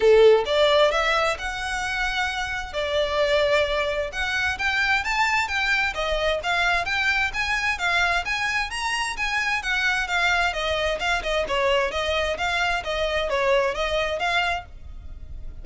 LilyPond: \new Staff \with { instrumentName = "violin" } { \time 4/4 \tempo 4 = 131 a'4 d''4 e''4 fis''4~ | fis''2 d''2~ | d''4 fis''4 g''4 a''4 | g''4 dis''4 f''4 g''4 |
gis''4 f''4 gis''4 ais''4 | gis''4 fis''4 f''4 dis''4 | f''8 dis''8 cis''4 dis''4 f''4 | dis''4 cis''4 dis''4 f''4 | }